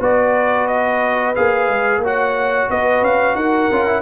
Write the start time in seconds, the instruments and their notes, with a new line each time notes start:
0.00 tuba B3, trombone F#4, horn B4, trumpet D5
0.67 trumpet D#5
1.35 tuba A#3, trombone G#4, trumpet F5
1.68 tuba G#3
1.98 tuba A#3, horn C#5
2.04 trombone F#4, trumpet F#5
2.70 tuba B3, horn B4, trumpet D#5
3.02 tuba C#4, trumpet F5
3.35 tuba D#4, horn A#4, trumpet F#5
3.71 tuba C#4, trombone F4
3.87 trombone E4